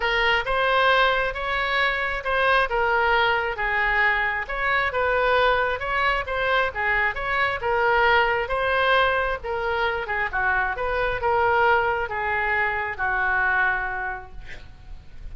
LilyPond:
\new Staff \with { instrumentName = "oboe" } { \time 4/4 \tempo 4 = 134 ais'4 c''2 cis''4~ | cis''4 c''4 ais'2 | gis'2 cis''4 b'4~ | b'4 cis''4 c''4 gis'4 |
cis''4 ais'2 c''4~ | c''4 ais'4. gis'8 fis'4 | b'4 ais'2 gis'4~ | gis'4 fis'2. | }